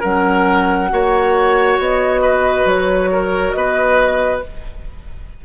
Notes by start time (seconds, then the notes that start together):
0.00 F#3 C#4 A#4 F#5
0.89 A#3 F#4 C#5
1.78 B3 D#5
2.21 B4
2.65 F#3 C#5
3.12 A#4
3.51 B3 B4 D#5